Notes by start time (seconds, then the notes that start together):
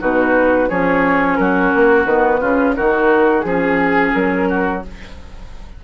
0.00 B2 D#4 F#4 B4
0.69 F3 C#4 G#4 C#5
1.36 F#3 F#4 A#4
1.75 A#3
2.06 D#3 B3 B4
2.41 C#3 C#4 F4
2.76 D#3 D#4 F#4 A#4
3.41 F3 C#4 G#4
4.13 F#3 A#4
4.49 F#4